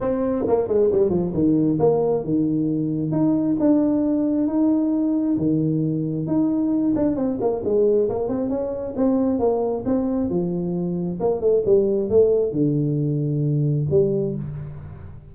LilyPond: \new Staff \with { instrumentName = "tuba" } { \time 4/4 \tempo 4 = 134 c'4 ais8 gis8 g8 f8 dis4 | ais4 dis2 dis'4 | d'2 dis'2 | dis2 dis'4. d'8 |
c'8 ais8 gis4 ais8 c'8 cis'4 | c'4 ais4 c'4 f4~ | f4 ais8 a8 g4 a4 | d2. g4 | }